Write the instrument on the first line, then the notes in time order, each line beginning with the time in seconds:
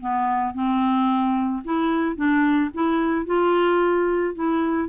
clarinet
0.00 B3
0.54 C4
1.64 E4
2.16 D4
2.74 E4
3.26 F4
4.35 E4